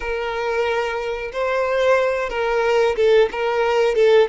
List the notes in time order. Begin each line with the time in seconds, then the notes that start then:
0.00 A#4
1.32 C5
2.29 A#4
2.96 A4
3.31 A#4
3.95 A4